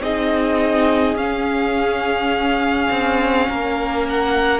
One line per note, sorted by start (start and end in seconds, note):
0.00 1.15 C4
0.00 1.17 D#4
0.00 3.49 G#4
0.00 1.17 D#5
1.15 2.88 C#4
1.15 4.60 C#4
1.15 4.06 F5
2.90 3.48 C4
3.49 4.60 A#3
3.49 4.60 A#4
4.09 4.60 F#5